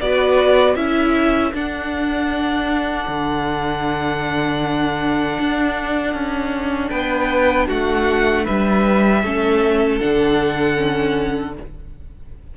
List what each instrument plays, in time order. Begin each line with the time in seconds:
0.00 cello B3, viola F#4, violin B4 D5
0.75 cello C#4, viola E4, violin A4 E5
1.53 viola D4, cello D4, violin F#5
3.08 cello D3
5.39 cello D4
6.13 cello C#4
6.89 cello B3, violin B4 G5
7.67 cello A3, violin F#4 F#5
8.44 cello G3, violin B4 E5
9.23 cello A3, viola C#4, violin A4
9.99 cello D3, viola D4, violin F#5
10.75 viola C#4